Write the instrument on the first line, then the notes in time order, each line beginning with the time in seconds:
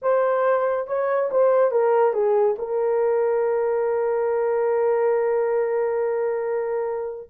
horn
0.02 C5
0.87 C#5
1.31 C5
1.71 A#4
2.13 G#4
2.58 A#4